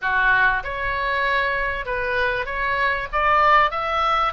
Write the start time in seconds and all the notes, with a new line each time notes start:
0.01 F#4
0.63 C#5
1.85 B4
2.45 C#5
3.12 D5
3.71 E5